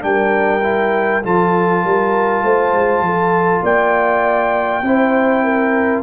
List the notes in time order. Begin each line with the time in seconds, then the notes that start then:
0.00 G3 D4 A#4 G5
0.62 E4
1.23 F3 F4 A4 A5
1.83 G3 A#4
2.43 A3 C5
2.73 G#3
3.01 F3 A4
3.63 A#3 D5 G5
4.82 C4 E4 C5
5.44 A#4